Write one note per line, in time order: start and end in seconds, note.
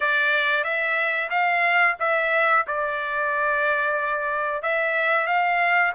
0.00 0.64 D5
0.64 1.29 E5
1.29 1.95 F5
1.99 2.65 E5
2.67 4.62 D5
4.62 5.26 E5
5.26 5.92 F5